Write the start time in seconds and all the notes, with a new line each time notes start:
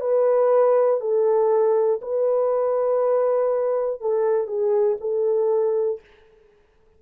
0.00 B4
1.00 A4
2.01 B4
4.00 A4
4.47 G#4
5.00 A4